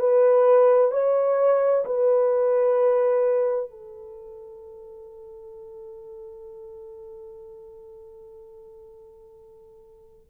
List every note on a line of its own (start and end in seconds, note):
0.00 0.92 B4
0.92 1.85 C#5
1.86 3.71 B4
3.71 10.27 A4